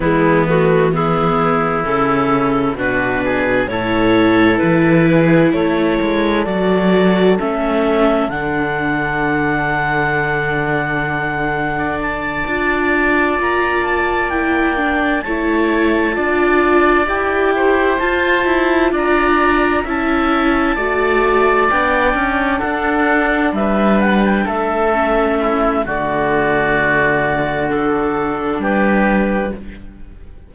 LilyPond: <<
  \new Staff \with { instrumentName = "clarinet" } { \time 4/4 \tempo 4 = 65 e'8 fis'8 gis'4 a'4 b'4 | cis''4 b'4 cis''4 d''4 | e''4 fis''2.~ | fis''4 a''4. ais''8 a''8 g''8~ |
g''8 a''2 g''4 a''8~ | a''8 ais''4 a''2 g''8~ | g''8 fis''4 e''8 fis''16 g''16 e''4. | d''2 a'4 b'4 | }
  \new Staff \with { instrumentName = "oboe" } { \time 4/4 b4 e'2 fis'8 gis'8 | a'4. gis'8 a'2~ | a'1~ | a'8. d''2.~ d''16~ |
d''8 cis''4 d''4. c''4~ | c''8 d''4 e''4 d''4.~ | d''8 a'4 b'4 a'4 e'8 | fis'2. g'4 | }
  \new Staff \with { instrumentName = "viola" } { \time 4/4 gis8 a8 b4 cis'4 d'4 | e'2. fis'4 | cis'4 d'2.~ | d'4. f'2 e'8 |
d'8 e'4 f'4 g'4 f'8~ | f'4. e'4 fis'4 d'8~ | d'2. cis'4 | a2 d'2 | }
  \new Staff \with { instrumentName = "cello" } { \time 4/4 e2 cis4 b,4 | a,4 e4 a8 gis8 fis4 | a4 d2.~ | d4. d'4 ais4.~ |
ais8 a4 d'4 e'4 f'8 | e'8 d'4 cis'4 a4 b8 | cis'8 d'4 g4 a4. | d2. g4 | }
>>